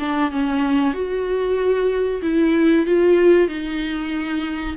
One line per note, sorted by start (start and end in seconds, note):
0.00 0.32 D4
0.32 0.94 C#4
0.94 2.22 F#4
2.23 2.86 E4
2.86 3.49 F4
3.49 4.76 D#4